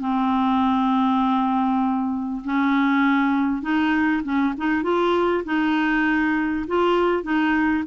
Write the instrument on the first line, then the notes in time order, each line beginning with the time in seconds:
clarinet
0.00 C4
2.45 C#4
3.62 D#4
4.24 C#4
4.58 D#4
4.83 F4
5.45 D#4
6.68 F4
7.23 D#4